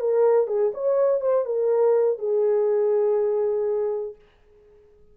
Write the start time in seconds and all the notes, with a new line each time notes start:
0.00 A#4
0.47 G#4
0.74 C#5
1.20 C5
1.45 A#4
2.18 G#4